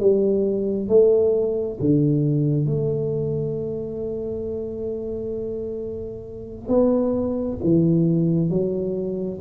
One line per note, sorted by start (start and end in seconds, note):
0.00 0.89 G3
0.89 1.78 A3
1.81 2.67 D3
2.67 6.68 A3
6.68 7.58 B3
7.64 8.50 E3
8.50 9.39 F#3